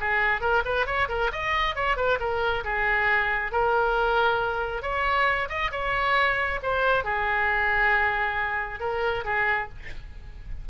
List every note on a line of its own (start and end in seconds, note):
0.00 0.41 G#4
0.41 0.63 A#4
0.65 0.86 B4
0.86 1.08 C#5
1.09 1.31 A#4
1.32 1.75 D#5
1.75 1.97 C#5
1.97 2.19 B4
2.20 2.64 A#4
2.64 3.52 G#4
3.52 4.82 A#4
4.82 5.49 C#5
5.49 5.71 D#5
5.71 6.60 C#5
6.63 7.04 C5
7.04 8.80 G#4
8.80 9.24 A#4
9.24 9.69 G#4